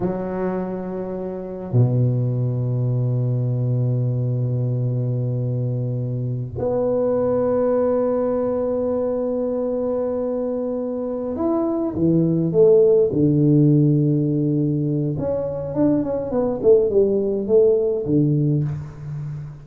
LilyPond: \new Staff \with { instrumentName = "tuba" } { \time 4/4 \tempo 4 = 103 fis2. b,4~ | b,1~ | b,2.~ b,16 b8.~ | b1~ |
b2.~ b8 e'8~ | e'8 e4 a4 d4.~ | d2 cis'4 d'8 cis'8 | b8 a8 g4 a4 d4 | }